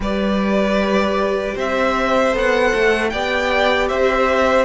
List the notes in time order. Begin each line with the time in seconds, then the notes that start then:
0.00 G3 G4 B4 D5
1.54 C4 C5 E5
2.31 B3 A4
2.37 F#5
2.74 A3
3.09 B3 G4 D5 G5
3.88 C4 C5 E5